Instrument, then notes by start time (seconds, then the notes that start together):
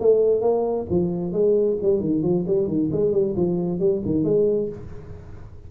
tuba
0.00 A3
0.42 A#3
0.90 F3
1.32 G#3
1.82 G3
2.00 D#3
2.23 F3
2.47 G3
2.68 D#3
2.92 G#3
3.12 G3
3.37 F3
3.80 G3
4.06 D#3
4.25 G#3